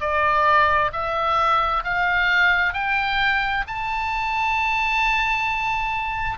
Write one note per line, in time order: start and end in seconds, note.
0.00 0.91 D5
0.93 1.83 E5
1.84 2.74 F5
2.74 3.64 G5
3.67 6.38 A5